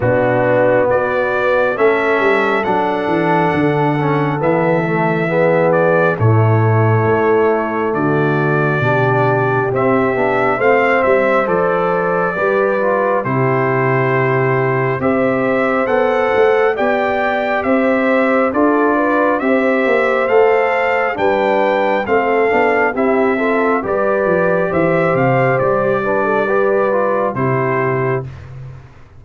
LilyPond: <<
  \new Staff \with { instrumentName = "trumpet" } { \time 4/4 \tempo 4 = 68 fis'4 d''4 e''4 fis''4~ | fis''4 e''4. d''8 cis''4~ | cis''4 d''2 e''4 | f''8 e''8 d''2 c''4~ |
c''4 e''4 fis''4 g''4 | e''4 d''4 e''4 f''4 | g''4 f''4 e''4 d''4 | e''8 f''8 d''2 c''4 | }
  \new Staff \with { instrumentName = "horn" } { \time 4/4 d'4 fis'4 a'2~ | a'2 gis'4 e'4~ | e'4 fis'4 g'2 | c''2 b'4 g'4~ |
g'4 c''2 d''4 | c''4 a'8 b'8 c''2 | b'4 a'4 g'8 a'8 b'4 | c''4. b'16 a'16 b'4 g'4 | }
  \new Staff \with { instrumentName = "trombone" } { \time 4/4 b2 cis'4 d'4~ | d'8 cis'8 b8 a8 b4 a4~ | a2 d'4 c'8 d'8 | c'4 a'4 g'8 f'8 e'4~ |
e'4 g'4 a'4 g'4~ | g'4 f'4 g'4 a'4 | d'4 c'8 d'8 e'8 f'8 g'4~ | g'4. d'8 g'8 f'8 e'4 | }
  \new Staff \with { instrumentName = "tuba" } { \time 4/4 b,4 b4 a8 g8 fis8 e8 | d4 e2 a,4 | a4 d4 b,4 c'8 b8 | a8 g8 f4 g4 c4~ |
c4 c'4 b8 a8 b4 | c'4 d'4 c'8 ais8 a4 | g4 a8 b8 c'4 g8 f8 | e8 c8 g2 c4 | }
>>